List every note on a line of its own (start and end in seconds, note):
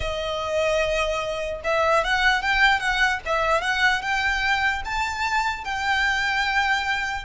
0.00 1.61 D#5
1.64 2.04 E5
2.04 2.42 F#5
2.42 2.79 G5
2.79 3.19 F#5
3.25 3.61 E5
3.61 4.01 F#5
4.01 4.82 G5
4.84 5.64 A5
5.64 7.24 G5